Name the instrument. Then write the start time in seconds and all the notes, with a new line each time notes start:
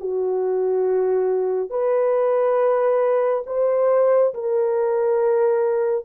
horn
0.00 F#4
1.70 B4
3.47 C5
4.34 A#4